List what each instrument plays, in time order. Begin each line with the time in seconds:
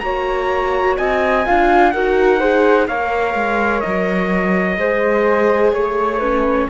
0.00 cello A#3, viola F#4, flute C#5, trumpet A#5
0.98 cello C4, flute D#5, trumpet G#5
1.46 cello D4, viola F4, flute F5
1.91 cello D#4, viola F#4, flute A#4, trumpet F#5
2.40 viola G#4, flute C5
2.88 cello A#3, viola A#4, flute C#5, trumpet F5
3.35 cello G#3
3.81 cello F#3, trumpet D#5
4.77 cello G#3, viola G#4, flute C5
5.73 cello A3, flute C#5, trumpet C#5
6.19 viola C#4, flute B4